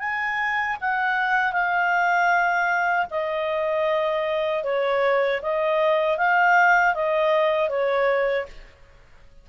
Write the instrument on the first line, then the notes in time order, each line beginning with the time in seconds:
clarinet
0.00 G#5
0.81 F#5
1.53 F5
3.11 D#5
4.64 C#5
5.42 D#5
6.18 F5
6.95 D#5
7.70 C#5